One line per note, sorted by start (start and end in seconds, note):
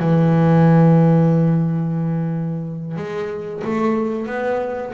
0.00 2.97 E3
2.97 3.63 G#3
3.64 4.27 A3
4.27 4.93 B3